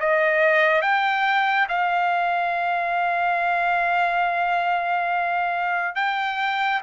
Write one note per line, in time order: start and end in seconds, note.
0.00 0.82 D#5
0.82 1.68 G5
1.69 5.96 F5
5.96 6.81 G5